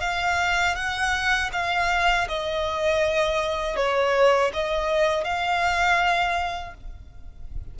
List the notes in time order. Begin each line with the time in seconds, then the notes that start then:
0.00 F5
0.75 F#5
1.52 F5
2.28 D#5
3.76 C#5
4.53 D#5
5.24 F5